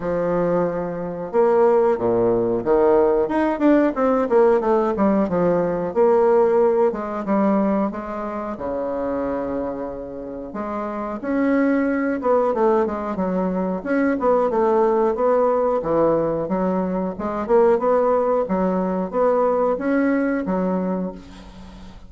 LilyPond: \new Staff \with { instrumentName = "bassoon" } { \time 4/4 \tempo 4 = 91 f2 ais4 ais,4 | dis4 dis'8 d'8 c'8 ais8 a8 g8 | f4 ais4. gis8 g4 | gis4 cis2. |
gis4 cis'4. b8 a8 gis8 | fis4 cis'8 b8 a4 b4 | e4 fis4 gis8 ais8 b4 | fis4 b4 cis'4 fis4 | }